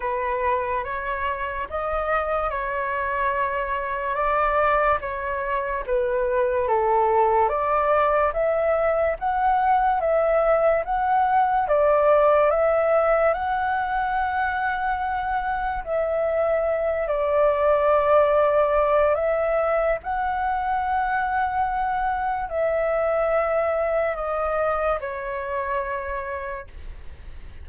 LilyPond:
\new Staff \with { instrumentName = "flute" } { \time 4/4 \tempo 4 = 72 b'4 cis''4 dis''4 cis''4~ | cis''4 d''4 cis''4 b'4 | a'4 d''4 e''4 fis''4 | e''4 fis''4 d''4 e''4 |
fis''2. e''4~ | e''8 d''2~ d''8 e''4 | fis''2. e''4~ | e''4 dis''4 cis''2 | }